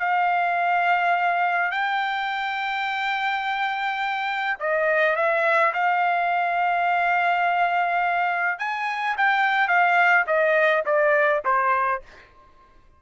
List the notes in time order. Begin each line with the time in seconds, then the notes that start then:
0.00 F5
1.72 G5
4.60 D#5
5.16 E5
5.74 F5
8.59 G#5
9.17 G5
9.68 F5
10.27 D#5
10.86 D5
11.45 C5